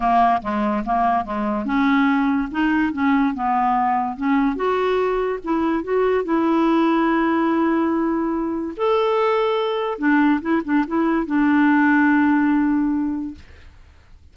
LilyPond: \new Staff \with { instrumentName = "clarinet" } { \time 4/4 \tempo 4 = 144 ais4 gis4 ais4 gis4 | cis'2 dis'4 cis'4 | b2 cis'4 fis'4~ | fis'4 e'4 fis'4 e'4~ |
e'1~ | e'4 a'2. | d'4 e'8 d'8 e'4 d'4~ | d'1 | }